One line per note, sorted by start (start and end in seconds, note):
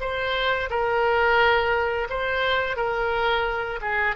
0.00 0.69 C5
0.70 2.08 A#4
2.09 2.76 C5
2.76 3.80 A#4
3.81 4.15 G#4